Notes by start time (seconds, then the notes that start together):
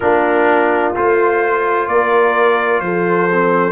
0.00 A#3 D4 F4 A#4
0.95 A3 F4 C5
1.87 A#3 A#4 D5
2.80 F3 A4 C5
3.31 C4